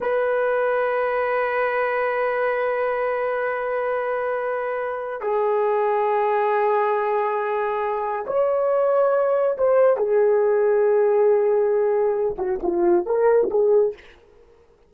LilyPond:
\new Staff \with { instrumentName = "horn" } { \time 4/4 \tempo 4 = 138 b'1~ | b'1~ | b'1 | gis'1~ |
gis'2. cis''4~ | cis''2 c''4 gis'4~ | gis'1~ | gis'8 fis'8 f'4 ais'4 gis'4 | }